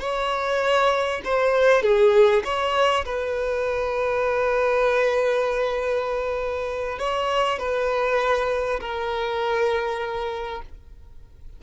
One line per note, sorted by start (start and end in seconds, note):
0.00 1.21 C#5
1.24 1.82 C5
1.82 2.43 G#4
2.44 3.05 C#5
3.05 6.99 B4
6.99 7.59 C#5
7.59 8.80 B4
8.80 10.62 A#4